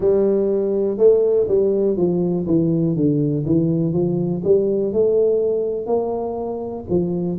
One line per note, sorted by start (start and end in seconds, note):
0.00 0.97 G3
0.97 1.46 A3
1.48 1.97 G3
1.97 2.46 F3
2.46 2.96 E3
2.96 3.45 D3
3.45 3.93 E3
3.93 4.42 F3
4.44 4.92 G3
4.92 5.86 A3
5.86 6.84 A#3
6.89 7.39 F3